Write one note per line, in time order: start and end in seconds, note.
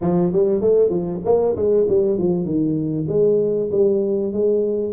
0.01 0.32 F3
0.32 0.60 G3
0.60 0.89 A3
0.89 1.20 F3
1.24 1.55 A#3
1.55 1.86 G#3
1.88 2.18 G3
2.18 2.45 F3
2.45 3.06 D#3
3.08 3.70 G#3
3.71 4.32 G3
4.32 4.93 G#3